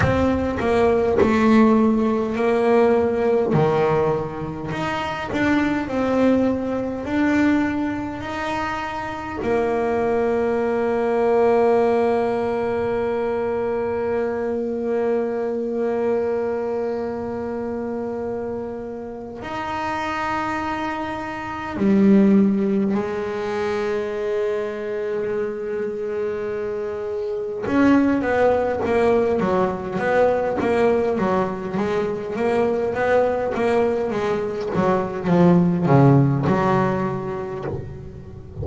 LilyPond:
\new Staff \with { instrumentName = "double bass" } { \time 4/4 \tempo 4 = 51 c'8 ais8 a4 ais4 dis4 | dis'8 d'8 c'4 d'4 dis'4 | ais1~ | ais1~ |
ais8 dis'2 g4 gis8~ | gis2.~ gis8 cis'8 | b8 ais8 fis8 b8 ais8 fis8 gis8 ais8 | b8 ais8 gis8 fis8 f8 cis8 fis4 | }